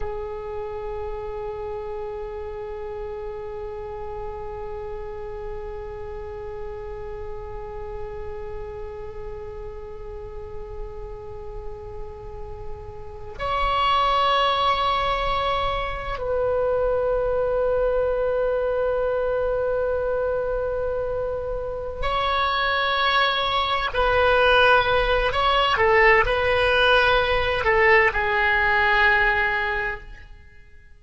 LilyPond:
\new Staff \with { instrumentName = "oboe" } { \time 4/4 \tempo 4 = 64 gis'1~ | gis'1~ | gis'1~ | gis'2~ gis'16 cis''4.~ cis''16~ |
cis''4~ cis''16 b'2~ b'8.~ | b'2.~ b'8 cis''8~ | cis''4. b'4. cis''8 a'8 | b'4. a'8 gis'2 | }